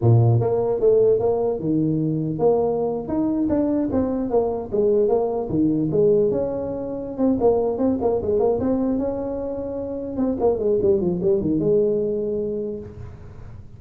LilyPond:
\new Staff \with { instrumentName = "tuba" } { \time 4/4 \tempo 4 = 150 ais,4 ais4 a4 ais4 | dis2 ais4.~ ais16 dis'16~ | dis'8. d'4 c'4 ais4 gis16~ | gis8. ais4 dis4 gis4 cis'16~ |
cis'2 c'8 ais4 c'8 | ais8 gis8 ais8 c'4 cis'4.~ | cis'4. c'8 ais8 gis8 g8 f8 | g8 dis8 gis2. | }